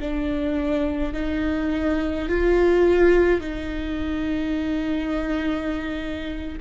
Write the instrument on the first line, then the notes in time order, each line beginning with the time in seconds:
viola
0.00 D4
1.13 D#4
2.29 F4
3.40 D#4